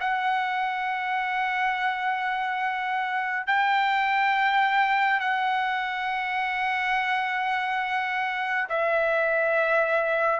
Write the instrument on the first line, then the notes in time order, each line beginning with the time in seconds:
trumpet
0.00 F#5
3.47 G5
5.20 F#5
8.69 E5